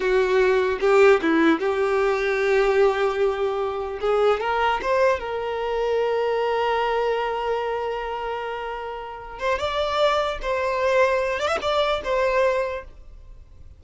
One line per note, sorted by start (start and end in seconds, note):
0.00 0.79 F#4
0.80 1.20 G4
1.21 1.59 E4
1.59 3.99 G4
4.00 4.40 G#4
4.40 4.80 A#4
4.82 5.19 C5
5.19 9.39 A#4
9.39 9.59 C5
9.59 10.39 D5
10.41 11.39 C5
11.39 11.47 D5
11.47 11.57 E5
11.61 12.01 D5
12.03 12.83 C5